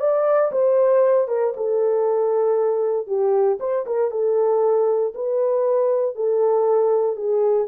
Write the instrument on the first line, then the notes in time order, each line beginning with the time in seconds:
horn
0.00 D5
0.52 C5
1.28 A#4
1.56 A4
3.07 G4
3.60 C5
3.86 A#4
4.11 A4
5.15 B4
6.15 A4
7.16 G#4